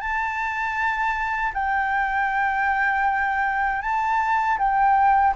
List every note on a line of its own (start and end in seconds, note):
0.00 1.52 A5
1.54 3.81 G5
3.81 4.57 A5
4.58 5.34 G5